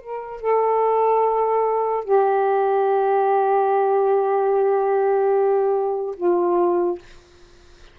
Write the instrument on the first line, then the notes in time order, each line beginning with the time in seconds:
saxophone
0.00 A#4
0.41 A4
2.04 G4
6.16 F4